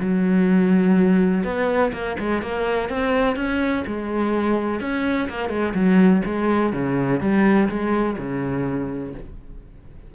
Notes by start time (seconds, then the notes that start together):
0.00 F#3
1.44 B3
1.93 A#3
2.19 G#3
2.42 A#3
2.90 C4
3.36 C#4
3.87 G#3
4.80 C#4
5.29 A#3
5.49 G#3
5.74 F#3
6.25 G#3
6.73 C#3
7.20 G3
7.69 G#3
8.18 C#3